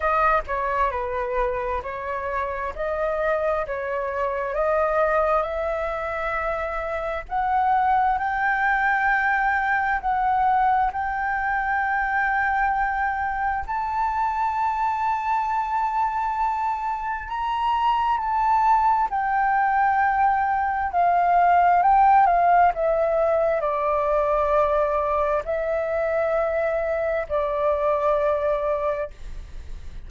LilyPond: \new Staff \with { instrumentName = "flute" } { \time 4/4 \tempo 4 = 66 dis''8 cis''8 b'4 cis''4 dis''4 | cis''4 dis''4 e''2 | fis''4 g''2 fis''4 | g''2. a''4~ |
a''2. ais''4 | a''4 g''2 f''4 | g''8 f''8 e''4 d''2 | e''2 d''2 | }